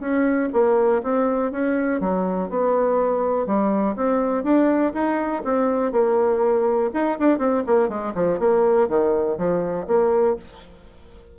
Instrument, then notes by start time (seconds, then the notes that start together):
bassoon
0.00 C#4
0.53 A#3
1.03 C4
1.52 C#4
2.01 F#3
2.50 B3
3.46 G3
3.96 C4
4.44 D4
4.94 D#4
5.45 C4
5.92 A#3
6.94 D#4
7.19 D4
7.39 C4
7.67 A#3
7.89 G#3
8.15 F3
8.39 A#3
8.89 D#3
9.38 F3
9.87 A#3